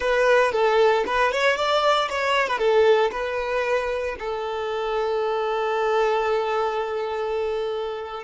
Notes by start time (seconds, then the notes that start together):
0.00 B4
0.52 A4
1.06 B4
1.31 C#5
1.56 D5
2.09 C#5
2.47 B4
2.58 A4
3.11 B4
4.19 A4